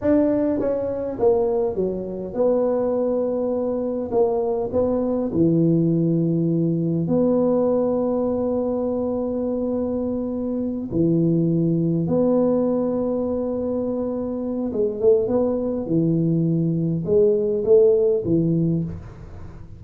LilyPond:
\new Staff \with { instrumentName = "tuba" } { \time 4/4 \tempo 4 = 102 d'4 cis'4 ais4 fis4 | b2. ais4 | b4 e2. | b1~ |
b2~ b8 e4.~ | e8 b2.~ b8~ | b4 gis8 a8 b4 e4~ | e4 gis4 a4 e4 | }